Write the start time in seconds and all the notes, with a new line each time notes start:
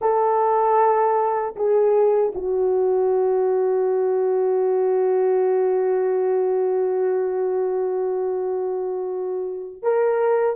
0.01 A4
1.56 G#4
2.35 F#4
9.82 A#4